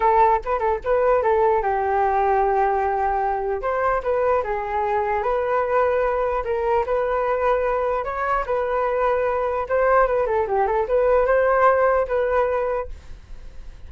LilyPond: \new Staff \with { instrumentName = "flute" } { \time 4/4 \tempo 4 = 149 a'4 b'8 a'8 b'4 a'4 | g'1~ | g'4 c''4 b'4 gis'4~ | gis'4 b'2. |
ais'4 b'2. | cis''4 b'2. | c''4 b'8 a'8 g'8 a'8 b'4 | c''2 b'2 | }